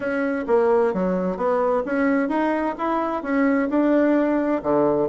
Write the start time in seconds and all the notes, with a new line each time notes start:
0.00 C#4
0.47 A#3
0.93 F#3
1.36 B3
1.85 C#4
2.28 D#4
2.78 E4
3.22 C#4
3.69 D4
4.63 D3